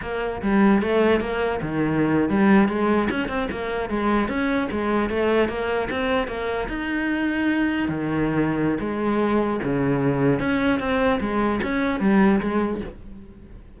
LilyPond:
\new Staff \with { instrumentName = "cello" } { \time 4/4 \tempo 4 = 150 ais4 g4 a4 ais4 | dis4.~ dis16 g4 gis4 cis'16~ | cis'16 c'8 ais4 gis4 cis'4 gis16~ | gis8. a4 ais4 c'4 ais16~ |
ais8. dis'2. dis16~ | dis2 gis2 | cis2 cis'4 c'4 | gis4 cis'4 g4 gis4 | }